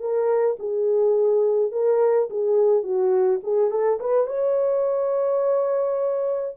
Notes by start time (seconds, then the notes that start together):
0.00 A#4
0.59 G#4
1.72 A#4
2.30 G#4
2.83 F#4
3.44 G#4
3.71 A4
4.00 B4
4.27 C#5